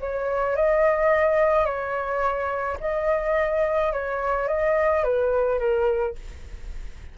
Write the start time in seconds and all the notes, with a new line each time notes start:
0.00 C#5
0.56 D#5
1.65 C#5
2.80 D#5
3.92 C#5
4.48 D#5
5.04 B4
5.59 A#4